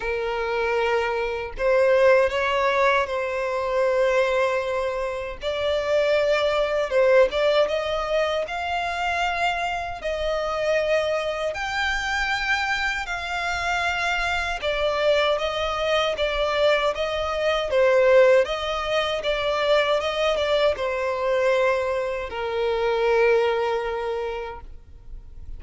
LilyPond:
\new Staff \with { instrumentName = "violin" } { \time 4/4 \tempo 4 = 78 ais'2 c''4 cis''4 | c''2. d''4~ | d''4 c''8 d''8 dis''4 f''4~ | f''4 dis''2 g''4~ |
g''4 f''2 d''4 | dis''4 d''4 dis''4 c''4 | dis''4 d''4 dis''8 d''8 c''4~ | c''4 ais'2. | }